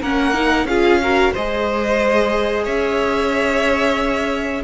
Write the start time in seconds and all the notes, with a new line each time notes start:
0.00 A#3 C#4 A#4 F#5
0.34 D#4
0.64 C#4 F4 G#4 F5
1.02 F#4 A#4
1.32 G#3 G#4 C5 D#5
2.63 C#4 C#5 E5